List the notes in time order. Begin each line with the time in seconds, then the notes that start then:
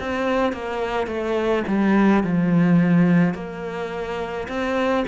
0.00 C4
0.53 A#3
1.07 A3
1.68 G3
2.24 F3
3.34 A#3
4.48 C4